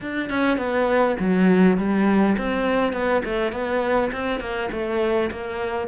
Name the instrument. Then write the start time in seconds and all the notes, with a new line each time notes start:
cello
0.00 D4
0.29 C#4
0.57 B3
1.19 F#3
1.77 G3
2.37 C4
2.93 B3
3.24 A3
3.52 B3
4.12 C4
4.40 A#3
4.71 A3
5.31 A#3